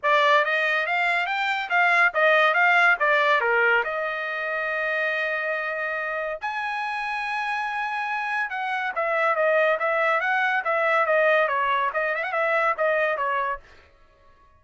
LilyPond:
\new Staff \with { instrumentName = "trumpet" } { \time 4/4 \tempo 4 = 141 d''4 dis''4 f''4 g''4 | f''4 dis''4 f''4 d''4 | ais'4 dis''2.~ | dis''2. gis''4~ |
gis''1 | fis''4 e''4 dis''4 e''4 | fis''4 e''4 dis''4 cis''4 | dis''8 e''16 fis''16 e''4 dis''4 cis''4 | }